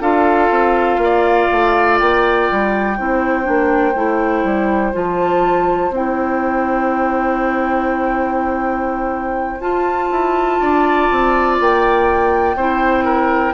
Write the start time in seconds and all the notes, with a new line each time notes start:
0.00 D4 F4 A4 F5
0.50 C4
0.97 A#3
1.04 D5
1.51 A3
1.99 A#3 G5
2.51 G3
2.97 C4 E4 C5
3.43 A#3 D4
3.95 A3 E4
4.44 G3
4.93 F3 F4 A5
5.90 C4 E4 G5
9.60 F4 A5
10.10 E4
10.60 D4 D5
11.11 C4
11.60 A#3 G5
12.56 C4 E4 C5
13.05 A#4